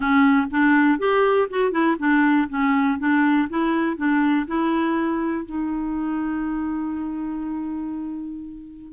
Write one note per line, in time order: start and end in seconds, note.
0.00 0.47 C#4
0.50 0.98 D4
0.98 1.48 G4
1.49 1.71 F#4
1.71 1.96 E4
1.98 2.48 D4
2.49 2.98 C#4
2.98 3.48 D4
3.49 3.97 E4
3.97 4.46 D4
4.47 5.45 E4
5.45 8.93 D#4